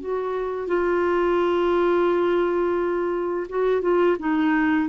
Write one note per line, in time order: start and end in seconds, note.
0.00 0.67 F#4
0.67 3.46 F4
3.49 3.82 F#4
3.82 4.16 F4
4.19 4.88 D#4